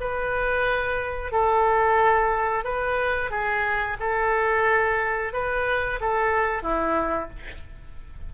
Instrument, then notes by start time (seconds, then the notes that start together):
oboe
0.00 B4
1.32 A4
2.64 B4
3.30 G#4
3.99 A4
5.33 B4
6.01 A4
6.62 E4